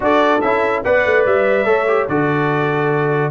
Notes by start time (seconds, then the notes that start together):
0.00 D4 F#4 A4 D5
0.41 C#4 E4 E5
0.84 B3 B4 D5 F#5
1.05 A3
1.25 G3 E5
1.65 A3 A4 C#5
1.87 G4
2.08 D3 F#4 A4 D5